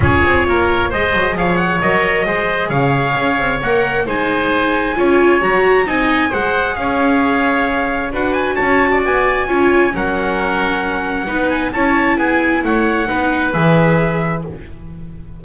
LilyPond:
<<
  \new Staff \with { instrumentName = "trumpet" } { \time 4/4 \tempo 4 = 133 cis''2 dis''4 f''8 fis''8 | dis''2 f''2 | fis''4 gis''2. | ais''4 gis''4 fis''4 f''4~ |
f''2 fis''8 gis''8 a''4 | gis''2 fis''2~ | fis''4. gis''8 a''4 gis''4 | fis''2 e''2 | }
  \new Staff \with { instrumentName = "oboe" } { \time 4/4 gis'4 ais'4 c''4 cis''4~ | cis''4 c''4 cis''2~ | cis''4 c''2 cis''4~ | cis''4 dis''4 c''4 cis''4~ |
cis''2 b'4 cis''8. d''16~ | d''4 cis''4 ais'2~ | ais'4 b'4 cis''4 gis'4 | cis''4 b'2. | }
  \new Staff \with { instrumentName = "viola" } { \time 4/4 f'2 gis'2 | ais'4 gis'2. | ais'4 dis'2 f'4 | fis'4 dis'4 gis'2~ |
gis'2 fis'2~ | fis'4 f'4 cis'2~ | cis'4 dis'4 e'2~ | e'4 dis'4 gis'2 | }
  \new Staff \with { instrumentName = "double bass" } { \time 4/4 cis'8 c'8 ais4 gis8 fis8 f4 | fis4 gis4 cis4 cis'8 c'8 | ais4 gis2 cis'4 | fis4 c'4 gis4 cis'4~ |
cis'2 d'4 cis'4 | b4 cis'4 fis2~ | fis4 b4 cis'4 b4 | a4 b4 e2 | }
>>